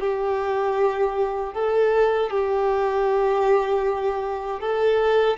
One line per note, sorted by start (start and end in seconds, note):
0.00 1.54 G4
1.54 2.30 A4
2.30 4.60 G4
4.60 5.37 A4